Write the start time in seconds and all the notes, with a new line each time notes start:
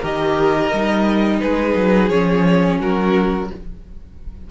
0.00 D#3 G4 A#4 D#5
0.73 G3 D#4
1.41 G#3 G#4 B4
1.75 F#3
2.09 F3 C#4 C#5
2.80 F#3 F#4 A#4